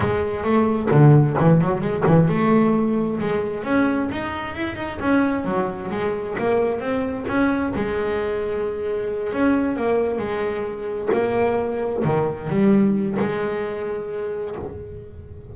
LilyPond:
\new Staff \with { instrumentName = "double bass" } { \time 4/4 \tempo 4 = 132 gis4 a4 d4 e8 fis8 | gis8 e8 a2 gis4 | cis'4 dis'4 e'8 dis'8 cis'4 | fis4 gis4 ais4 c'4 |
cis'4 gis2.~ | gis8 cis'4 ais4 gis4.~ | gis8 ais2 dis4 g8~ | g4 gis2. | }